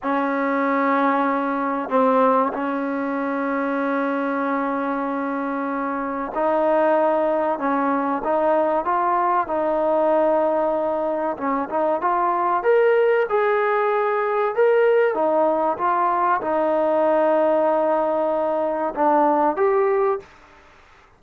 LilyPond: \new Staff \with { instrumentName = "trombone" } { \time 4/4 \tempo 4 = 95 cis'2. c'4 | cis'1~ | cis'2 dis'2 | cis'4 dis'4 f'4 dis'4~ |
dis'2 cis'8 dis'8 f'4 | ais'4 gis'2 ais'4 | dis'4 f'4 dis'2~ | dis'2 d'4 g'4 | }